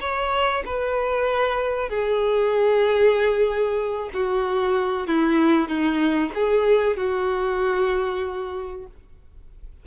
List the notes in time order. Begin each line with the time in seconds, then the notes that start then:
0.00 C#5
0.65 B4
1.89 G#4
4.13 F#4
5.07 E4
5.68 D#4
6.34 G#4
6.96 F#4